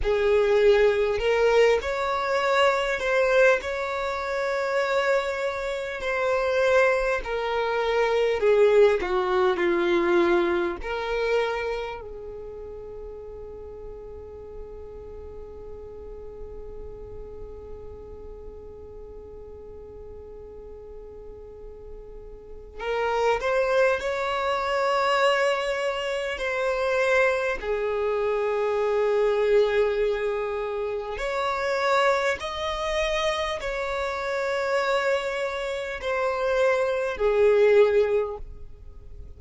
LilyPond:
\new Staff \with { instrumentName = "violin" } { \time 4/4 \tempo 4 = 50 gis'4 ais'8 cis''4 c''8 cis''4~ | cis''4 c''4 ais'4 gis'8 fis'8 | f'4 ais'4 gis'2~ | gis'1~ |
gis'2. ais'8 c''8 | cis''2 c''4 gis'4~ | gis'2 cis''4 dis''4 | cis''2 c''4 gis'4 | }